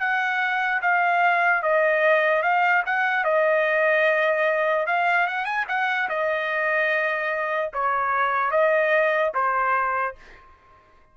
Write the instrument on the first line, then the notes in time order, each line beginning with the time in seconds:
trumpet
0.00 F#5
0.82 F5
1.63 D#5
2.43 F5
2.86 F#5
3.25 D#5
4.87 F5
5.27 F#5
5.45 G#5
5.68 F#5
6.09 D#5
7.74 C#5
8.51 D#5
9.35 C5